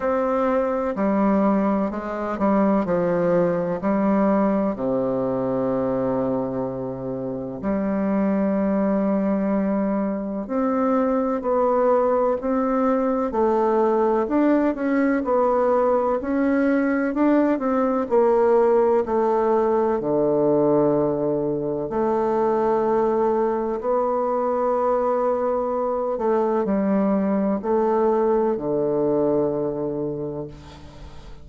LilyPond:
\new Staff \with { instrumentName = "bassoon" } { \time 4/4 \tempo 4 = 63 c'4 g4 gis8 g8 f4 | g4 c2. | g2. c'4 | b4 c'4 a4 d'8 cis'8 |
b4 cis'4 d'8 c'8 ais4 | a4 d2 a4~ | a4 b2~ b8 a8 | g4 a4 d2 | }